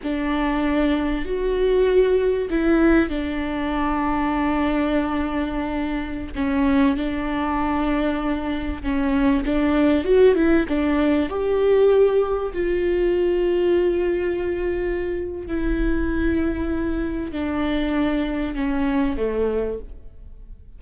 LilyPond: \new Staff \with { instrumentName = "viola" } { \time 4/4 \tempo 4 = 97 d'2 fis'2 | e'4 d'2.~ | d'2~ d'16 cis'4 d'8.~ | d'2~ d'16 cis'4 d'8.~ |
d'16 fis'8 e'8 d'4 g'4.~ g'16~ | g'16 f'2.~ f'8.~ | f'4 e'2. | d'2 cis'4 a4 | }